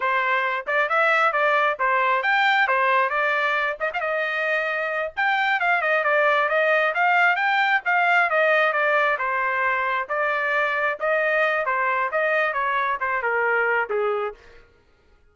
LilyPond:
\new Staff \with { instrumentName = "trumpet" } { \time 4/4 \tempo 4 = 134 c''4. d''8 e''4 d''4 | c''4 g''4 c''4 d''4~ | d''8 dis''16 f''16 dis''2~ dis''8 g''8~ | g''8 f''8 dis''8 d''4 dis''4 f''8~ |
f''8 g''4 f''4 dis''4 d''8~ | d''8 c''2 d''4.~ | d''8 dis''4. c''4 dis''4 | cis''4 c''8 ais'4. gis'4 | }